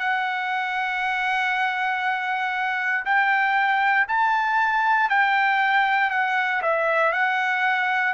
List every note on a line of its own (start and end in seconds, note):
0.00 3.05 F#5
3.06 4.07 G5
4.08 5.10 A5
5.10 6.11 G5
6.11 6.62 F#5
6.62 7.13 E5
7.13 8.14 F#5